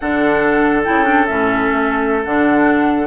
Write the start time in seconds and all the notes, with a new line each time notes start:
0.00 D3 D4 A4 F#5
0.83 C#3 E4 G5
1.04 D4
1.26 A2 C#4 E5
1.72 A3
2.24 D3 D4 F#5